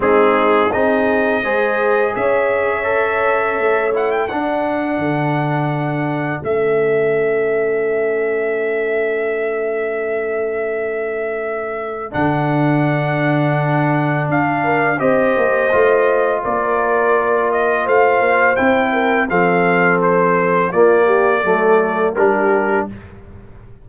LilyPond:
<<
  \new Staff \with { instrumentName = "trumpet" } { \time 4/4 \tempo 4 = 84 gis'4 dis''2 e''4~ | e''4. fis''16 g''16 fis''2~ | fis''4 e''2.~ | e''1~ |
e''4 fis''2. | f''4 dis''2 d''4~ | d''8 dis''8 f''4 g''4 f''4 | c''4 d''2 ais'4 | }
  \new Staff \with { instrumentName = "horn" } { \time 4/4 dis'4 gis'4 c''4 cis''4~ | cis''2 a'2~ | a'1~ | a'1~ |
a'1~ | a'8 ais'8 c''2 ais'4~ | ais'4 c''4. ais'8 a'4~ | a'4 f'8 g'8 a'4 g'4 | }
  \new Staff \with { instrumentName = "trombone" } { \time 4/4 c'4 dis'4 gis'2 | a'4. e'8 d'2~ | d'4 cis'2.~ | cis'1~ |
cis'4 d'2.~ | d'4 g'4 f'2~ | f'2 e'4 c'4~ | c'4 ais4 a4 d'4 | }
  \new Staff \with { instrumentName = "tuba" } { \time 4/4 gis4 c'4 gis4 cis'4~ | cis'4 a4 d'4 d4~ | d4 a2.~ | a1~ |
a4 d2. | d'4 c'8 ais8 a4 ais4~ | ais4 a8 ais8 c'4 f4~ | f4 ais4 fis4 g4 | }
>>